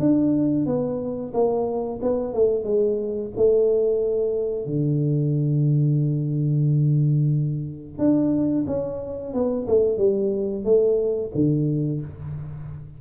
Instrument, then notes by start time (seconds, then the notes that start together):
tuba
0.00 D4
0.66 B3
1.34 A#3
2.02 B3
2.34 A3
2.65 G#3
3.37 A3
4.66 D3
7.98 D4
8.67 C#4
9.34 B3
9.68 A3
9.98 G3
10.65 A3
11.35 D3